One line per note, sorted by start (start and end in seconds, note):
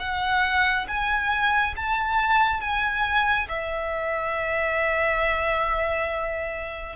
0.00 0.87 F#5
0.88 1.75 G#5
1.77 2.61 A5
2.61 3.48 G#5
3.49 6.96 E5